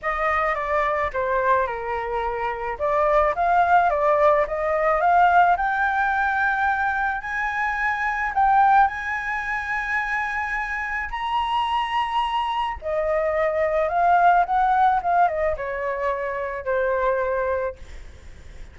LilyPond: \new Staff \with { instrumentName = "flute" } { \time 4/4 \tempo 4 = 108 dis''4 d''4 c''4 ais'4~ | ais'4 d''4 f''4 d''4 | dis''4 f''4 g''2~ | g''4 gis''2 g''4 |
gis''1 | ais''2. dis''4~ | dis''4 f''4 fis''4 f''8 dis''8 | cis''2 c''2 | }